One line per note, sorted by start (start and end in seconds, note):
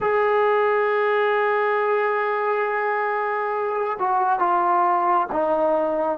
0.00 3.97 G#4
3.99 4.39 F#4
4.39 5.27 F4
5.32 6.18 D#4